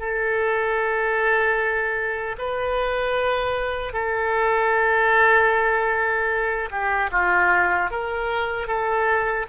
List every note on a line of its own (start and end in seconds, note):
0.00 2.37 A4
2.39 3.94 B4
3.94 6.70 A4
6.71 7.11 G4
7.12 7.91 F4
7.91 8.68 A#4
8.68 9.47 A4